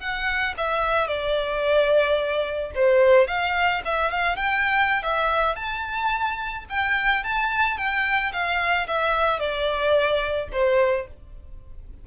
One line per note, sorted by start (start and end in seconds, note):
0.00 0.55 F#5
0.58 1.08 E5
1.08 2.72 D5
2.75 3.28 C5
3.28 3.82 F5
3.85 4.12 E5
4.12 4.37 F5
4.37 5.03 G5
5.03 5.56 E5
5.56 6.65 A5
6.70 7.24 G5
7.24 7.78 A5
7.78 8.33 G5
8.33 8.88 F5
8.88 9.40 E5
9.40 10.49 D5
10.53 11.07 C5